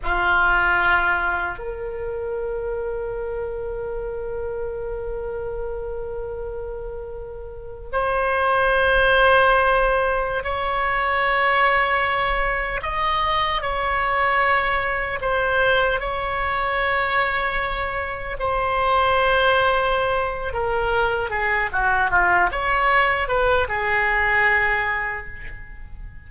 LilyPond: \new Staff \with { instrumentName = "oboe" } { \time 4/4 \tempo 4 = 76 f'2 ais'2~ | ais'1~ | ais'2 c''2~ | c''4~ c''16 cis''2~ cis''8.~ |
cis''16 dis''4 cis''2 c''8.~ | c''16 cis''2. c''8.~ | c''2 ais'4 gis'8 fis'8 | f'8 cis''4 b'8 gis'2 | }